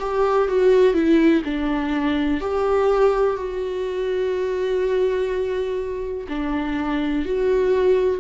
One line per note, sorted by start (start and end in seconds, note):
0.00 0.48 G4
0.49 0.94 F#4
0.94 1.43 E4
1.45 2.41 D4
2.41 3.37 G4
3.37 6.27 F#4
6.29 7.26 D4
7.26 8.21 F#4